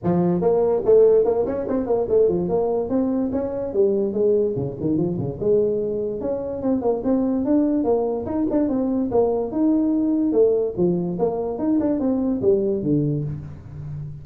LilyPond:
\new Staff \with { instrumentName = "tuba" } { \time 4/4 \tempo 4 = 145 f4 ais4 a4 ais8 cis'8 | c'8 ais8 a8 f8 ais4 c'4 | cis'4 g4 gis4 cis8 dis8 | f8 cis8 gis2 cis'4 |
c'8 ais8 c'4 d'4 ais4 | dis'8 d'8 c'4 ais4 dis'4~ | dis'4 a4 f4 ais4 | dis'8 d'8 c'4 g4 d4 | }